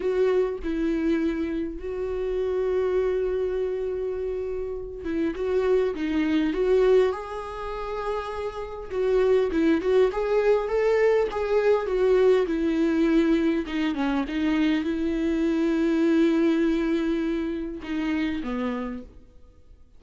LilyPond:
\new Staff \with { instrumentName = "viola" } { \time 4/4 \tempo 4 = 101 fis'4 e'2 fis'4~ | fis'1~ | fis'8 e'8 fis'4 dis'4 fis'4 | gis'2. fis'4 |
e'8 fis'8 gis'4 a'4 gis'4 | fis'4 e'2 dis'8 cis'8 | dis'4 e'2.~ | e'2 dis'4 b4 | }